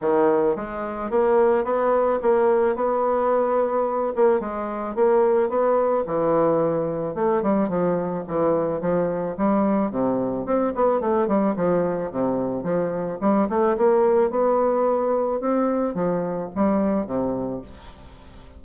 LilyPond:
\new Staff \with { instrumentName = "bassoon" } { \time 4/4 \tempo 4 = 109 dis4 gis4 ais4 b4 | ais4 b2~ b8 ais8 | gis4 ais4 b4 e4~ | e4 a8 g8 f4 e4 |
f4 g4 c4 c'8 b8 | a8 g8 f4 c4 f4 | g8 a8 ais4 b2 | c'4 f4 g4 c4 | }